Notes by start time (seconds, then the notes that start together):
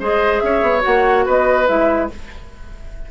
0.00 G#3 G#4 C5 D#5
0.40 C#4 C#5 E5
0.62 B3
0.81 A#3 F#4 F#5
1.26 B3 B4 D#5
1.67 G#3 E4 E5